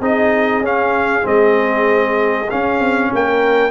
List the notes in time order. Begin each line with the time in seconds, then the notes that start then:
0.00 C4 D#4 G#4 D#5
0.61 C#4 F5
1.22 G#3 C4 D#5
2.50 C#4 F5
2.80 C4
3.13 A#3 A#4 G5